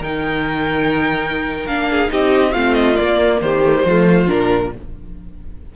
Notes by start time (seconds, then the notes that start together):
0.00 D#3 D#4 A#4 G5
1.66 A#3 D4 F5
1.90 G#4
2.08 C4 D#4 G4 D#5
2.52 A3 C4 F4 F5
2.74 D#5
2.95 A#3 D5
3.41 D#3 G4 C5
3.65 A3
3.77 G3
3.85 F3 A3 F4
4.27 A#2 D4 A#4